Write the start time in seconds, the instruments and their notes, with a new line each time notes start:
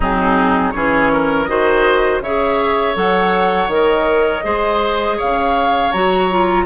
0.00 bassoon F#3, clarinet C4, oboe D#4, flute G#4
0.71 bassoon E3, clarinet C#4, oboe G#4, flute C#5
1.12 oboe A#4
1.44 bassoon D#3, clarinet F#4, oboe C5, flute D#5
2.20 bassoon C#3, clarinet G#4, oboe C#5, flute E5
2.94 bassoon F#3, clarinet A4, flute F#5
3.67 bassoon D#3, clarinet A#4
3.74 flute D#5
4.43 bassoon G#3, clarinet G#4, oboe C5
5.17 bassoon C#3, oboe C#5, flute F5
5.92 bassoon F#3, clarinet F#4, flute A#5
6.30 clarinet F4